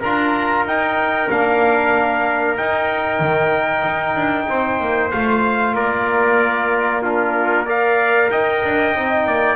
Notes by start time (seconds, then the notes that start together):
0.00 D4 F4 A#4 A#5
0.64 D#4 G5
1.30 A#3 D4 F5
2.57 D#4 G5
3.20 D#3
3.84 D#4
4.15 D4
4.48 C4 C5
4.80 A#3
5.11 A3 F4 F5
5.73 A#3 A#4 D5
7.02 D4 F4 A#4
7.65 A#4 D5 F5
8.30 D#4 D#5 G5
8.64 D4
8.95 C4 D#4
9.26 A#3 D5